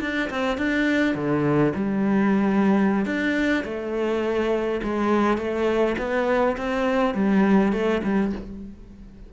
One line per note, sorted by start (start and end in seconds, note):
0.00 0.29 D4
0.30 0.57 C4
0.57 1.14 D4
1.14 1.73 D3
1.75 3.05 G3
3.05 3.64 D4
3.64 4.81 A3
4.83 5.37 G#3
5.37 5.95 A3
5.98 6.56 B3
6.57 7.14 C4
7.14 7.72 G3
7.72 8.01 A3
8.03 8.32 G3